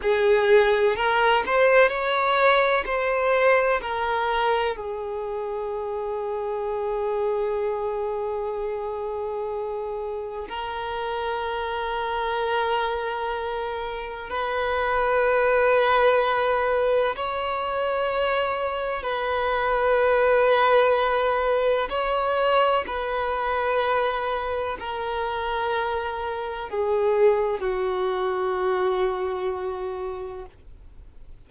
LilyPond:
\new Staff \with { instrumentName = "violin" } { \time 4/4 \tempo 4 = 63 gis'4 ais'8 c''8 cis''4 c''4 | ais'4 gis'2.~ | gis'2. ais'4~ | ais'2. b'4~ |
b'2 cis''2 | b'2. cis''4 | b'2 ais'2 | gis'4 fis'2. | }